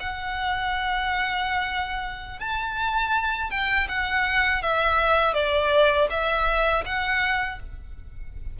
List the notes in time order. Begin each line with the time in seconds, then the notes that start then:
0.00 F#5
2.40 A5
3.51 G5
3.89 F#5
4.63 E5
5.34 D5
6.10 E5
6.86 F#5